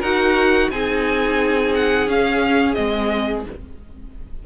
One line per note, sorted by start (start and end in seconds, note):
0.00 0.71 D#4
0.00 0.72 F#4
0.00 0.68 A#4
0.00 0.70 F#5
0.71 2.08 C4
0.71 2.08 D#4
0.71 3.47 G#4
0.71 1.73 G#5
1.75 2.09 F#5
2.08 2.76 C#4
2.08 2.75 F5
2.75 3.46 G#3
2.75 3.44 C4
2.75 3.43 D#5